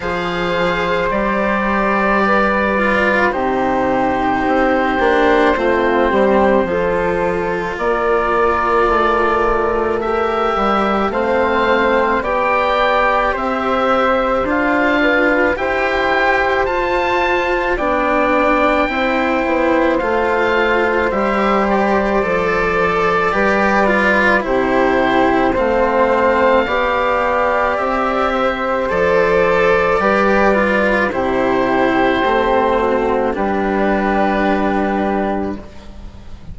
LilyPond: <<
  \new Staff \with { instrumentName = "oboe" } { \time 4/4 \tempo 4 = 54 f''4 d''2 c''4~ | c''2. d''4~ | d''4 e''4 f''4 g''4 | e''4 f''4 g''4 a''4 |
g''2 f''4 e''8 d''8~ | d''2 c''4 f''4~ | f''4 e''4 d''2 | c''2 b'2 | }
  \new Staff \with { instrumentName = "flute" } { \time 4/4 c''2 b'4 g'4~ | g'4 f'8 g'8 a'4 ais'4~ | ais'2 c''4 d''4 | c''4. b'8 c''2 |
d''4 c''2.~ | c''4 b'4 g'4 c''4 | d''4. c''4. b'4 | g'4. fis'8 g'2 | }
  \new Staff \with { instrumentName = "cello" } { \time 4/4 gis'4 g'4. f'8 dis'4~ | dis'8 d'8 c'4 f'2~ | f'4 g'4 c'4 g'4~ | g'4 f'4 g'4 f'4 |
d'4 e'4 f'4 g'4 | a'4 g'8 f'8 e'4 c'4 | g'2 a'4 g'8 f'8 | e'4 c'4 d'2 | }
  \new Staff \with { instrumentName = "bassoon" } { \time 4/4 f4 g2 c4 | c'8 ais8 a8 g8 f4 ais4 | a4. g8 a4 b4 | c'4 d'4 e'4 f'4 |
b4 c'8 b8 a4 g4 | f4 g4 c4 a4 | b4 c'4 f4 g4 | c4 a4 g2 | }
>>